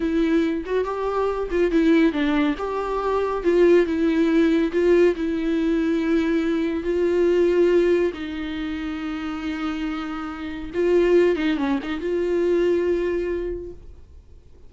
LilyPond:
\new Staff \with { instrumentName = "viola" } { \time 4/4 \tempo 4 = 140 e'4. fis'8 g'4. f'8 | e'4 d'4 g'2 | f'4 e'2 f'4 | e'1 |
f'2. dis'4~ | dis'1~ | dis'4 f'4. dis'8 cis'8 dis'8 | f'1 | }